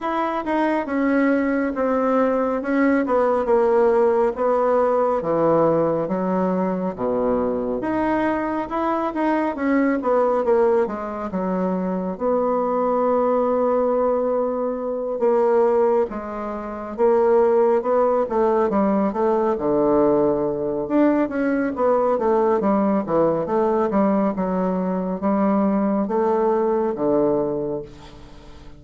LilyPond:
\new Staff \with { instrumentName = "bassoon" } { \time 4/4 \tempo 4 = 69 e'8 dis'8 cis'4 c'4 cis'8 b8 | ais4 b4 e4 fis4 | b,4 dis'4 e'8 dis'8 cis'8 b8 | ais8 gis8 fis4 b2~ |
b4. ais4 gis4 ais8~ | ais8 b8 a8 g8 a8 d4. | d'8 cis'8 b8 a8 g8 e8 a8 g8 | fis4 g4 a4 d4 | }